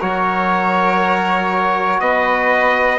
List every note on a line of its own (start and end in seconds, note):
0.00 2.00 F#3
0.00 2.99 F#4
0.00 2.00 A#4
0.00 2.00 C#5
2.00 2.99 B3
2.00 2.99 B4
2.00 2.99 D#5